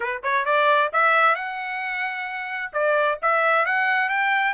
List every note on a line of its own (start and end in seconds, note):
0.00 0.21 B4
0.23 0.45 C#5
0.45 0.90 D5
0.92 1.35 E5
1.35 2.71 F#5
2.72 3.18 D5
3.21 3.65 E5
3.65 4.09 F#5
4.09 4.53 G5